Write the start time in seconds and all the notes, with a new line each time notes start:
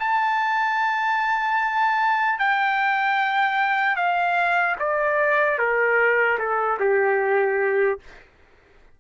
0.00 A5
2.39 G5
3.96 F5
4.79 D5
5.59 A#4
6.39 A4
6.80 G4